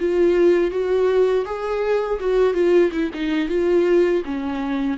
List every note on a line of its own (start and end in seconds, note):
0.00 0.71 F4
0.71 1.45 F#4
1.46 2.20 G#4
2.21 2.54 F#4
2.54 2.91 F4
2.93 3.11 E4
3.14 3.49 D#4
3.49 4.23 F4
4.26 4.98 C#4